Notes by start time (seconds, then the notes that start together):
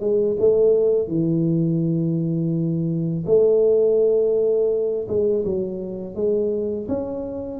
0.00 G#3
0.39 A3
1.07 E3
3.26 A3
5.08 G#3
5.44 F#3
6.15 G#3
6.88 C#4